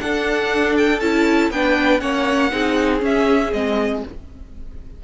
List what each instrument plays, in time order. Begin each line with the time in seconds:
0.00 viola D4, cello D4, violin A4 F#5
0.78 violin G5
1.00 cello C#4, viola E4, violin A5
1.51 cello B3, viola D4, violin B4 G5
2.00 cello A#3, viola C#4, violin C#5 F#5
2.51 cello C4, viola D#4, violin G#4
3.00 viola C#4, cello C#4, violin E5
3.53 cello G#3, viola C4, violin D#5